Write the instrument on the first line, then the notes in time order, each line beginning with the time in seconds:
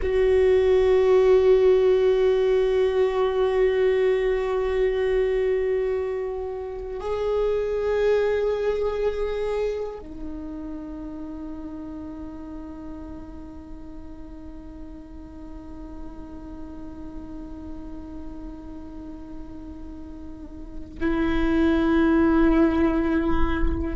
viola
0.02 F#4
7.00 G#4
9.99 D#4
21.00 E4